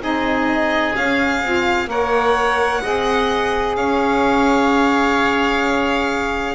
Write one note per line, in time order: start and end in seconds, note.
0.00 0.94 C4
0.00 0.93 D#4
0.00 1.89 G#4
0.00 0.95 D#5
0.93 1.40 C#4
0.93 1.42 C#4
0.93 1.89 F5
1.42 1.87 C4
1.42 1.87 F4
1.87 2.80 A#3
1.87 2.81 A#4
1.87 2.82 C#5
1.87 3.76 F#5
2.82 3.77 C4
2.82 6.55 G#4
2.82 3.76 D#5
3.76 6.55 C#4
3.76 6.55 C#5
3.76 6.55 F5